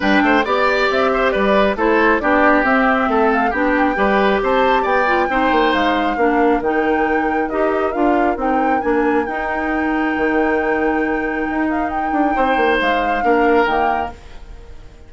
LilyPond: <<
  \new Staff \with { instrumentName = "flute" } { \time 4/4 \tempo 4 = 136 g''4 d''4 e''4 d''4 | c''4 d''4 e''4. f''8 | g''2 a''4 g''4~ | g''4 f''2 g''4~ |
g''4 dis''4 f''4 g''4 | gis''4 g''2.~ | g''2~ g''8 f''8 g''4~ | g''4 f''2 g''4 | }
  \new Staff \with { instrumentName = "oboe" } { \time 4/4 b'8 c''8 d''4. c''8 b'4 | a'4 g'2 a'4 | g'4 b'4 c''4 d''4 | c''2 ais'2~ |
ais'1~ | ais'1~ | ais'1 | c''2 ais'2 | }
  \new Staff \with { instrumentName = "clarinet" } { \time 4/4 d'4 g'2. | e'4 d'4 c'2 | d'4 g'2~ g'8 f'8 | dis'2 d'4 dis'4~ |
dis'4 g'4 f'4 dis'4 | d'4 dis'2.~ | dis'1~ | dis'2 d'4 ais4 | }
  \new Staff \with { instrumentName = "bassoon" } { \time 4/4 g8 a8 b4 c'4 g4 | a4 b4 c'4 a4 | b4 g4 c'4 b4 | c'8 ais8 gis4 ais4 dis4~ |
dis4 dis'4 d'4 c'4 | ais4 dis'2 dis4~ | dis2 dis'4. d'8 | c'8 ais8 gis4 ais4 dis4 | }
>>